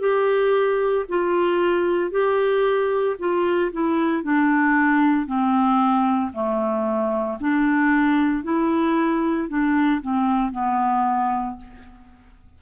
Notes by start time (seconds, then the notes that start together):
0.00 G4
1.09 F4
2.11 G4
3.19 F4
3.72 E4
4.23 D4
5.26 C4
6.33 A3
7.40 D4
8.44 E4
9.48 D4
10.01 C4
10.52 B3